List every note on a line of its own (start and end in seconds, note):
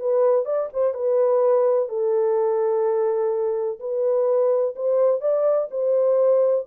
0.00 0.45 B4
0.45 0.69 D5
0.74 0.94 C5
0.94 1.89 B4
1.89 3.79 A4
3.80 4.75 B4
4.76 5.21 C5
5.21 5.69 D5
5.71 6.66 C5